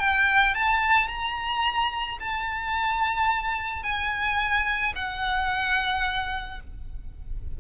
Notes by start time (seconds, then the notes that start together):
0.00 G5
0.55 A5
1.08 A#5
2.20 A5
3.84 G#5
4.96 F#5